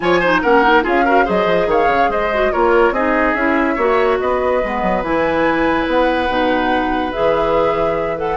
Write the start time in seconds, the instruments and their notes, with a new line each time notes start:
0.00 bassoon F3, clarinet F4, oboe C#5, flute G#5
0.20 clarinet D#4, oboe C5
0.42 bassoon A#3, clarinet C#4, oboe A#4, flute F#5
0.63 clarinet D#4
0.83 bassoon C#4, clarinet F4, oboe G#4, flute F5
1.05 clarinet F#4, oboe A#4
1.24 bassoon F#3, clarinet G#4, oboe C5, flute D#5
1.46 bassoon F3
1.66 bassoon D#3, oboe C#5, flute F5
1.87 bassoon C#3
2.09 bassoon G#3, oboe C5, flute D#5
2.33 clarinet F#4
2.52 bassoon A#3, clarinet F4, oboe A#4, flute C#5
2.91 bassoon C4, clarinet D#4, oboe G#4, flute D#5
3.34 bassoon C#4, clarinet E4, flute E5
3.75 bassoon A#3, clarinet F#4, oboe C#5
4.19 bassoon B3, oboe B4, flute D#5
4.64 bassoon G#3, clarinet B3
4.82 bassoon F#3
5.02 bassoon E3, clarinet E4, flute G#5
5.87 bassoon B3, flute F#5
6.28 bassoon B2, clarinet D#4
7.12 bassoon E3, clarinet G#4, flute E5
8.17 clarinet A4, flute F#5